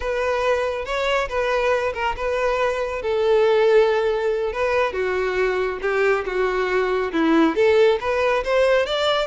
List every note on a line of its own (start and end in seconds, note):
0.00 0.85 B4
0.85 1.28 C#5
1.28 1.93 B4
1.94 2.15 A#4
2.16 3.02 B4
3.02 4.52 A4
4.52 4.92 B4
4.92 5.79 F#4
5.81 6.25 G4
6.25 7.11 F#4
7.12 7.55 E4
7.55 7.98 A4
8.00 8.43 B4
8.43 8.86 C5
8.86 9.27 D5